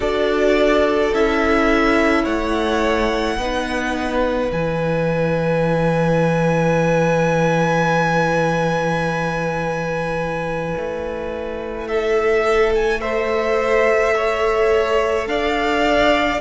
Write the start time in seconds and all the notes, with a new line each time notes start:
0.00 D4 F#4 A4 D5
1.12 C#4 E4 E5
2.23 A3 C#5 F#5
3.37 B3 D#4 B4
4.50 E3 E4 G#5
10.76 A3
11.87 A4 E5
12.75 G#5
13.00 A4 C5 E5
14.15 C#5
15.27 D4 D5 F5